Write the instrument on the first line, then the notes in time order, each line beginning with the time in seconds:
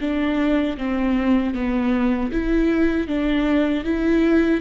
viola
0.00 D4
0.77 C4
1.54 B3
2.32 E4
3.08 D4
3.84 E4